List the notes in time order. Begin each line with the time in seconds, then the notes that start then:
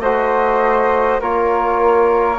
0.00 A3 F#4 C5 D#5
1.21 A#3 F4 A#4 C#5